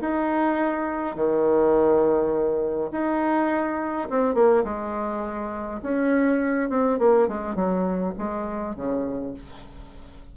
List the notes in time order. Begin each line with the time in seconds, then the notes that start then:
0.00 D#4
1.15 D#3
2.91 D#4
4.10 C4
4.34 A#3
4.64 G#3
5.82 C#4
6.69 C4
6.98 A#3
7.27 G#3
7.55 F#3
8.18 G#3
8.75 C#3